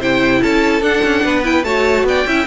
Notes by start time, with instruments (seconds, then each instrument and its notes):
0.00 cello C3, viola E4, violin C5 G5
0.43 cello C#4, violin A4 A5
0.82 cello D4, viola D4, violin F#5
1.04 cello C#4
1.25 cello B3, violin B4
1.44 viola E4, violin G5
1.64 cello A3, viola F#4, violin C#5 A5
2.04 cello B3, violin D5 G5
2.27 cello C#4, viola E4, violin E5